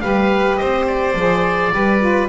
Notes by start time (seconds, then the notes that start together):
0.00 G3 G4 B4 F5
0.56 C4 C5 D#5
0.87 D5
1.14 F3 G#4
1.71 G3 G4 B4
2.00 F4